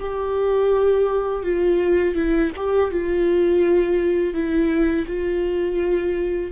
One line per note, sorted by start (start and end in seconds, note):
0.00 1.43 G4
1.43 2.15 F4
2.15 2.51 E4
2.56 2.91 G4
2.91 4.34 F4
4.34 5.06 E4
5.07 6.52 F4